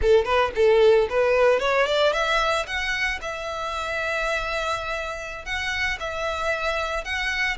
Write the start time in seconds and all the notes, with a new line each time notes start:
0.01 A4
0.24 B4
0.55 A4
1.09 B4
1.59 C#5
1.86 D5
2.12 E5
2.66 F#5
3.21 E5
5.45 F#5
5.99 E5
7.04 F#5